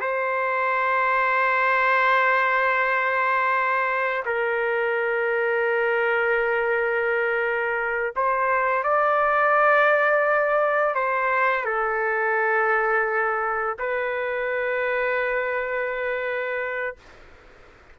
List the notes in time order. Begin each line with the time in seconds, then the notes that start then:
0.00 C5
4.25 A#4
8.16 C5
8.83 D5
10.95 C5
11.65 A4
13.79 B4